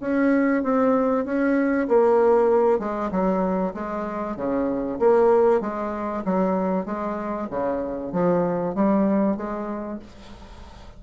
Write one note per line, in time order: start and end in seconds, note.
0.00 0.62 C#4
0.63 1.25 C4
1.25 1.87 C#4
1.88 2.79 A#3
2.79 3.10 G#3
3.11 3.73 F#3
3.74 4.36 G#3
4.36 4.99 C#3
4.99 5.61 A#3
5.61 6.23 G#3
6.24 6.85 F#3
6.85 7.48 G#3
7.50 8.12 C#3
8.12 8.74 F3
8.74 9.36 G3
9.36 9.99 G#3